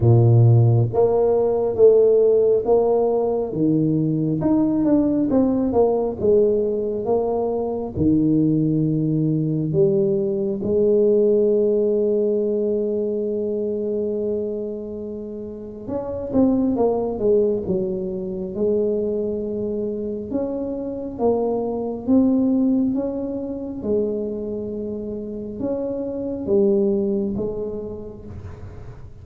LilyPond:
\new Staff \with { instrumentName = "tuba" } { \time 4/4 \tempo 4 = 68 ais,4 ais4 a4 ais4 | dis4 dis'8 d'8 c'8 ais8 gis4 | ais4 dis2 g4 | gis1~ |
gis2 cis'8 c'8 ais8 gis8 | fis4 gis2 cis'4 | ais4 c'4 cis'4 gis4~ | gis4 cis'4 g4 gis4 | }